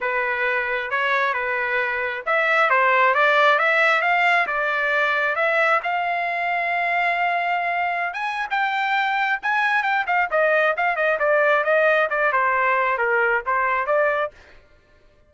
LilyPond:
\new Staff \with { instrumentName = "trumpet" } { \time 4/4 \tempo 4 = 134 b'2 cis''4 b'4~ | b'4 e''4 c''4 d''4 | e''4 f''4 d''2 | e''4 f''2.~ |
f''2~ f''16 gis''8. g''4~ | g''4 gis''4 g''8 f''8 dis''4 | f''8 dis''8 d''4 dis''4 d''8 c''8~ | c''4 ais'4 c''4 d''4 | }